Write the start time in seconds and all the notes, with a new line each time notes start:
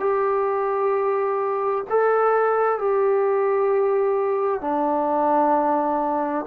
0.00 G4
1.90 A4
2.78 G4
4.61 D4